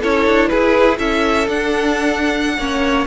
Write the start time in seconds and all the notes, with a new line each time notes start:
0.00 C#4 E4 A4 C#5
0.27 D4
0.48 E4 G#4 B4
0.98 C#4 A4 E5
1.48 D4 F#5
2.57 A#3 C#4 C#5